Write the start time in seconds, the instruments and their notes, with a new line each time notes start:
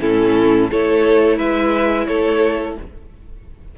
0.00 cello A2, viola C#4, violin E4 A4
0.71 cello A3, viola E4, violin A4 C#5
1.37 cello G#3, violin B4 E5
2.07 cello A3, violin A4 C#5